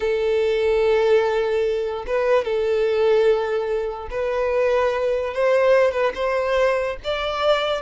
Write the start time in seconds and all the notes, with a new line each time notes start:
0.00 A4
2.06 B4
2.44 A4
4.10 B4
5.34 C5
5.91 B4
6.14 C5
7.03 D5